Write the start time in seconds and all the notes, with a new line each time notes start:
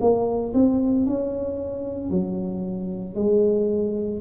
0.00 A#3
0.53 C4
1.06 C#4
2.10 F#3
3.15 G#3